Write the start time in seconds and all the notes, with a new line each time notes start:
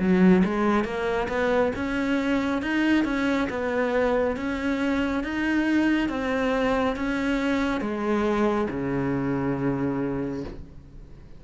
0.00 F#3
0.45 G#3
0.85 A#3
1.29 B3
1.76 C#4
2.62 D#4
3.05 C#4
3.50 B3
4.37 C#4
5.24 D#4
6.09 C4
6.96 C#4
7.81 G#3
8.70 C#3